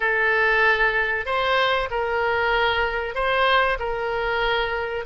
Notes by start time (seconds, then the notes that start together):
0.00 A4
1.25 C5
1.90 A#4
3.14 C5
3.79 A#4